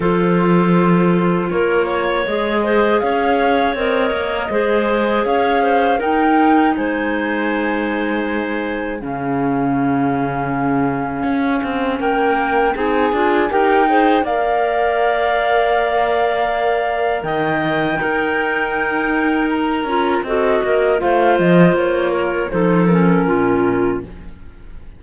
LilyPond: <<
  \new Staff \with { instrumentName = "flute" } { \time 4/4 \tempo 4 = 80 c''2 cis''4 dis''4 | f''4 dis''2 f''4 | g''4 gis''2. | f''1 |
g''4 gis''4 g''4 f''4~ | f''2. g''4~ | g''2 ais''4 dis''4 | f''8 dis''8 cis''4 c''8 ais'4. | }
  \new Staff \with { instrumentName = "clarinet" } { \time 4/4 a'2 ais'8 cis''4 c''8 | cis''2 c''4 cis''8 c''8 | ais'4 c''2. | gis'1 |
ais'4 gis'4 ais'8 c''8 d''4~ | d''2. dis''4 | ais'2. a'8 ais'8 | c''4. ais'8 a'4 f'4 | }
  \new Staff \with { instrumentName = "clarinet" } { \time 4/4 f'2. gis'4~ | gis'4 ais'4 gis'2 | dis'1 | cis'1~ |
cis'4 dis'8 f'8 g'8 gis'8 ais'4~ | ais'1 | dis'2~ dis'8 f'8 fis'4 | f'2 dis'8 cis'4. | }
  \new Staff \with { instrumentName = "cello" } { \time 4/4 f2 ais4 gis4 | cis'4 c'8 ais8 gis4 cis'4 | dis'4 gis2. | cis2. cis'8 c'8 |
ais4 c'8 d'8 dis'4 ais4~ | ais2. dis4 | dis'2~ dis'8 cis'8 c'8 ais8 | a8 f8 ais4 f4 ais,4 | }
>>